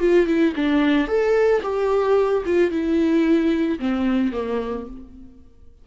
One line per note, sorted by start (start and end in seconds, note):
0.00 0.27 F4
0.27 0.54 E4
0.56 1.08 D4
1.08 1.62 A4
1.63 2.44 G4
2.46 2.71 F4
2.71 3.79 E4
3.79 4.33 C4
4.33 4.87 A#3